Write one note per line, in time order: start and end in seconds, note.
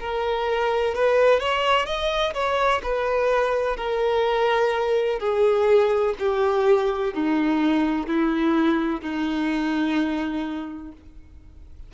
0.00 0.95 A#4
0.95 1.40 B4
1.40 1.86 C#5
1.86 2.33 D#5
2.34 2.81 C#5
2.83 3.77 B4
3.77 5.19 A#4
5.19 6.15 G#4
6.19 7.14 G4
7.14 8.07 D#4
8.07 9.02 E4
9.02 10.92 D#4